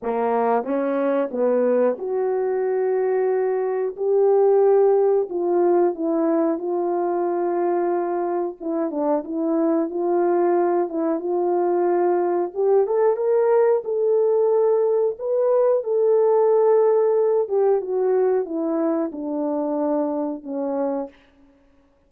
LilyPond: \new Staff \with { instrumentName = "horn" } { \time 4/4 \tempo 4 = 91 ais4 cis'4 b4 fis'4~ | fis'2 g'2 | f'4 e'4 f'2~ | f'4 e'8 d'8 e'4 f'4~ |
f'8 e'8 f'2 g'8 a'8 | ais'4 a'2 b'4 | a'2~ a'8 g'8 fis'4 | e'4 d'2 cis'4 | }